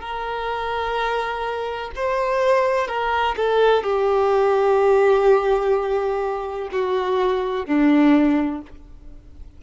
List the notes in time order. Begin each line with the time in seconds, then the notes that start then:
0.00 A#4
1.96 C5
2.87 A#4
3.36 A4
3.83 G4
6.72 F#4
7.66 D4